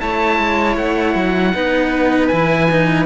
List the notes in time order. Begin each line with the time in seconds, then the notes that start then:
0.00 A3 E4 C#5 A5
0.39 G#3
0.77 A3 F#5
1.15 F#3
1.54 B3 D#4 B4
2.28 E3 E4 G#5
2.71 D#4